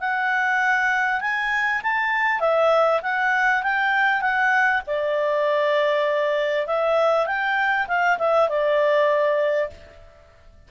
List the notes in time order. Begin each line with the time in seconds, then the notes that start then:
0.00 F#5
1.21 G#5
1.83 A5
2.40 E5
3.02 F#5
3.63 G5
4.21 F#5
4.87 D5
6.67 E5
7.26 G5
7.88 F5
8.18 E5
8.48 D5